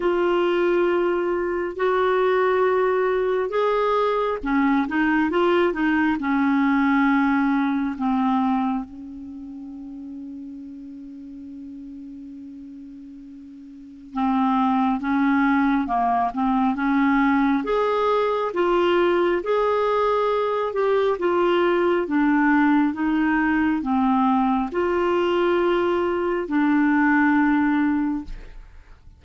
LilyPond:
\new Staff \with { instrumentName = "clarinet" } { \time 4/4 \tempo 4 = 68 f'2 fis'2 | gis'4 cis'8 dis'8 f'8 dis'8 cis'4~ | cis'4 c'4 cis'2~ | cis'1 |
c'4 cis'4 ais8 c'8 cis'4 | gis'4 f'4 gis'4. g'8 | f'4 d'4 dis'4 c'4 | f'2 d'2 | }